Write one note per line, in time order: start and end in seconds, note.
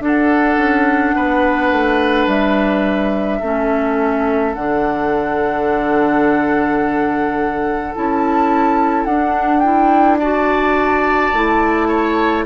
0.00 0.57 D4
0.00 3.41 D4
0.00 1.16 A4
0.00 2.28 F#5
0.57 1.13 C#4
1.16 1.72 B3
1.16 3.39 B4
1.72 2.27 A3
2.27 3.40 G3
2.27 4.55 E5
3.39 4.55 A3
3.39 4.56 C#4
3.39 10.19 A4
4.55 7.95 D3
4.55 7.95 D4
4.55 7.94 F#5
7.95 9.06 C#4
7.95 9.08 E4
7.95 9.05 A5
9.05 11.32 D4
9.05 9.63 D4
9.05 9.60 F#5
9.60 10.20 E4
9.60 10.17 G5
10.19 11.34 F#4
10.19 11.88 D5
10.19 12.46 A5
11.33 12.46 A3
11.33 12.46 E4
11.88 12.45 C#5